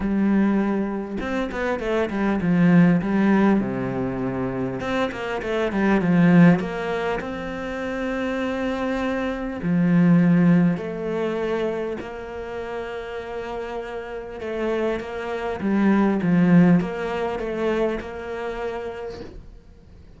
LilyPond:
\new Staff \with { instrumentName = "cello" } { \time 4/4 \tempo 4 = 100 g2 c'8 b8 a8 g8 | f4 g4 c2 | c'8 ais8 a8 g8 f4 ais4 | c'1 |
f2 a2 | ais1 | a4 ais4 g4 f4 | ais4 a4 ais2 | }